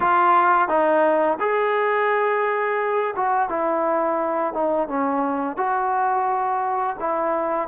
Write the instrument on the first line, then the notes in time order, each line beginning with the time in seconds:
trombone
0.00 F4
0.68 D#4
1.40 G#4
3.16 F#4
3.49 E4
4.53 D#4
4.88 C#4
5.57 F#4
6.99 E4